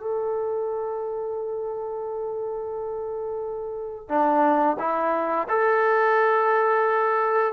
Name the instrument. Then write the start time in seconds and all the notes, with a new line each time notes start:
trombone
0.00 A4
4.08 D4
4.79 E4
5.49 A4